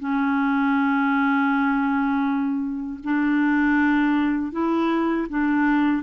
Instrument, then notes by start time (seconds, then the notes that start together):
clarinet
0.00 C#4
3.04 D4
4.52 E4
5.29 D4